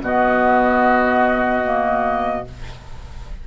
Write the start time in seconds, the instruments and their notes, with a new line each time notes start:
0.00 bassoon B2, clarinet B3, oboe F#4, flute D#5
1.63 clarinet A#3